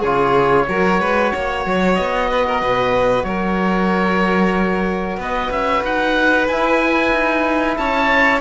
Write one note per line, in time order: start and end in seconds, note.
0.00 0.68 C#3
0.00 0.68 F4
0.00 0.65 G#4
0.00 1.95 C#5
0.68 1.00 F#3
0.68 6.49 F#4
0.68 1.01 A#4
1.00 1.32 G#3
1.00 1.33 B4
1.33 1.66 A#3
1.33 2.30 C#5
1.66 1.98 F#3
1.95 2.62 B3
1.95 3.24 D#5
2.30 2.47 B4
2.47 2.61 A#4
2.61 3.23 B2
2.61 3.26 B4
3.23 5.17 F#3
3.23 5.20 A#4
3.23 5.17 C#5
5.17 5.49 B3
5.17 7.78 B4
5.17 5.52 D#5
5.51 5.83 C#4
5.51 5.84 E5
5.84 6.48 D#4
5.84 6.48 F#5
6.48 7.12 E4
6.48 8.41 E4
6.48 7.77 G#5
7.12 7.77 D#4
7.77 8.41 C#4
7.77 8.41 C#5
7.77 8.41 A5